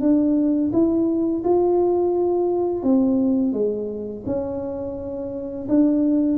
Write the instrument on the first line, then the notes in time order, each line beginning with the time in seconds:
tuba
0.00 D4
0.72 E4
1.43 F4
2.83 C4
3.53 G#3
4.26 C#4
5.68 D4